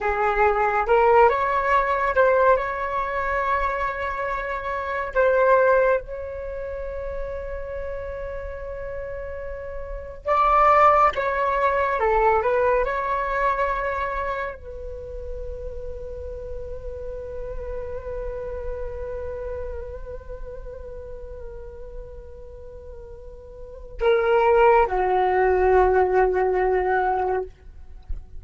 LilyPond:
\new Staff \with { instrumentName = "flute" } { \time 4/4 \tempo 4 = 70 gis'4 ais'8 cis''4 c''8 cis''4~ | cis''2 c''4 cis''4~ | cis''1 | d''4 cis''4 a'8 b'8 cis''4~ |
cis''4 b'2.~ | b'1~ | b'1 | ais'4 fis'2. | }